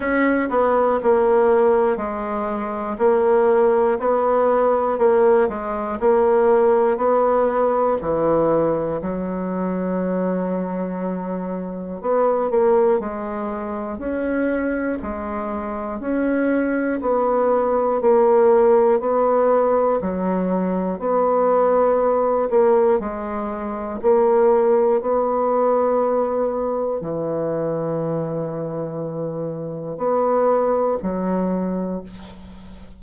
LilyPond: \new Staff \with { instrumentName = "bassoon" } { \time 4/4 \tempo 4 = 60 cis'8 b8 ais4 gis4 ais4 | b4 ais8 gis8 ais4 b4 | e4 fis2. | b8 ais8 gis4 cis'4 gis4 |
cis'4 b4 ais4 b4 | fis4 b4. ais8 gis4 | ais4 b2 e4~ | e2 b4 fis4 | }